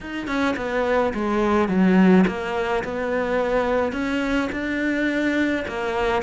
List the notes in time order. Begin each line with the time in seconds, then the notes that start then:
0.00 D#4
0.27 C#4
0.56 B3
1.14 G#3
1.68 F#3
2.27 A#3
2.84 B3
3.92 C#4
4.52 D4
5.67 A#3